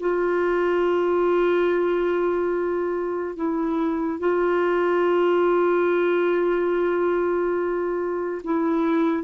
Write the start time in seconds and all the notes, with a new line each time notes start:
0.00 F4
3.36 E4
4.19 F4
8.44 E4